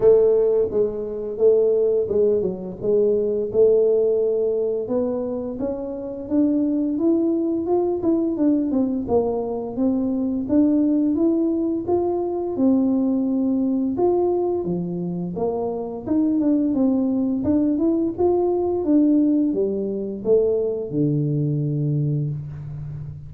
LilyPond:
\new Staff \with { instrumentName = "tuba" } { \time 4/4 \tempo 4 = 86 a4 gis4 a4 gis8 fis8 | gis4 a2 b4 | cis'4 d'4 e'4 f'8 e'8 | d'8 c'8 ais4 c'4 d'4 |
e'4 f'4 c'2 | f'4 f4 ais4 dis'8 d'8 | c'4 d'8 e'8 f'4 d'4 | g4 a4 d2 | }